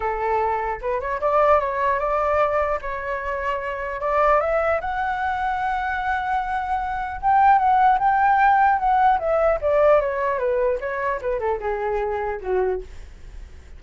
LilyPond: \new Staff \with { instrumentName = "flute" } { \time 4/4 \tempo 4 = 150 a'2 b'8 cis''8 d''4 | cis''4 d''2 cis''4~ | cis''2 d''4 e''4 | fis''1~ |
fis''2 g''4 fis''4 | g''2 fis''4 e''4 | d''4 cis''4 b'4 cis''4 | b'8 a'8 gis'2 fis'4 | }